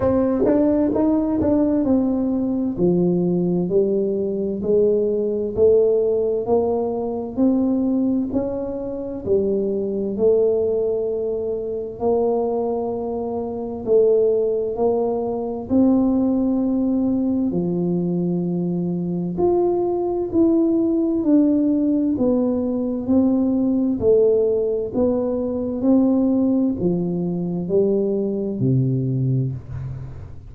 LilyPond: \new Staff \with { instrumentName = "tuba" } { \time 4/4 \tempo 4 = 65 c'8 d'8 dis'8 d'8 c'4 f4 | g4 gis4 a4 ais4 | c'4 cis'4 g4 a4~ | a4 ais2 a4 |
ais4 c'2 f4~ | f4 f'4 e'4 d'4 | b4 c'4 a4 b4 | c'4 f4 g4 c4 | }